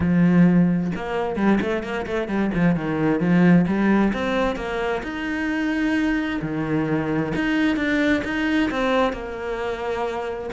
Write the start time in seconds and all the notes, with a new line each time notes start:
0.00 F3
0.95 A#3
1.36 G3
1.61 A3
1.83 A#3
2.06 A3
2.28 G3
2.54 F3
2.75 D#3
3.19 F3
3.67 G3
4.13 C4
4.56 A#3
5.03 D#4
6.41 D#3
7.35 D#4
7.76 D4
8.24 D#4
8.70 C4
9.12 A#3